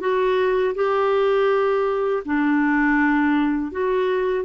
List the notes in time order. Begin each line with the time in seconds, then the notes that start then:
0.00 F#4
0.75 G4
2.25 D4
3.72 F#4